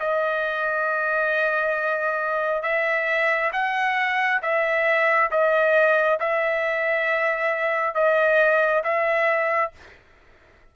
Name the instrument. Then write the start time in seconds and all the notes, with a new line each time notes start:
trumpet
0.00 D#5
2.63 E5
3.53 F#5
4.42 E5
5.31 D#5
6.20 E5
7.95 D#5
8.84 E5